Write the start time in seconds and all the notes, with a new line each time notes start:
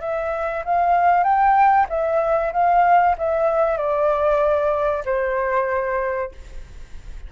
0.00 E5
0.64 F5
1.23 G5
1.89 E5
2.53 F5
3.18 E5
3.77 D5
5.05 C5